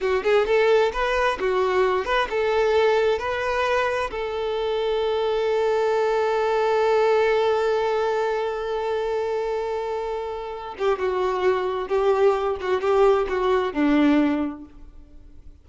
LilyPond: \new Staff \with { instrumentName = "violin" } { \time 4/4 \tempo 4 = 131 fis'8 gis'8 a'4 b'4 fis'4~ | fis'8 b'8 a'2 b'4~ | b'4 a'2.~ | a'1~ |
a'1~ | a'2.~ a'8 g'8 | fis'2 g'4. fis'8 | g'4 fis'4 d'2 | }